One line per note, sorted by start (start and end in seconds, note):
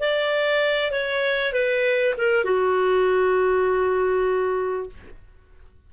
0.00 0.92 D5
0.92 1.53 C#5
1.53 2.14 B4
2.18 2.45 A#4
2.45 4.90 F#4